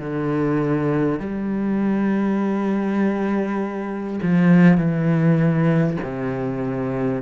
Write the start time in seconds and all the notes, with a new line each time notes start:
0.00 D3
1.20 G3
4.23 F3
4.77 E3
6.03 C3